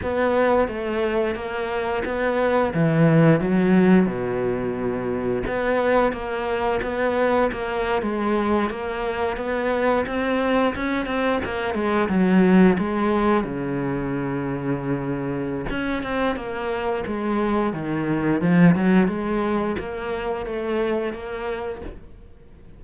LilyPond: \new Staff \with { instrumentName = "cello" } { \time 4/4 \tempo 4 = 88 b4 a4 ais4 b4 | e4 fis4 b,2 | b4 ais4 b4 ais8. gis16~ | gis8. ais4 b4 c'4 cis'16~ |
cis'16 c'8 ais8 gis8 fis4 gis4 cis16~ | cis2. cis'8 c'8 | ais4 gis4 dis4 f8 fis8 | gis4 ais4 a4 ais4 | }